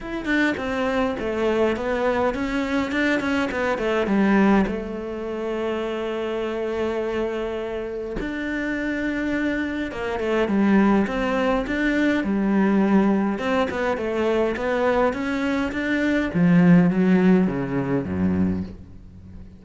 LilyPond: \new Staff \with { instrumentName = "cello" } { \time 4/4 \tempo 4 = 103 e'8 d'8 c'4 a4 b4 | cis'4 d'8 cis'8 b8 a8 g4 | a1~ | a2 d'2~ |
d'4 ais8 a8 g4 c'4 | d'4 g2 c'8 b8 | a4 b4 cis'4 d'4 | f4 fis4 cis4 fis,4 | }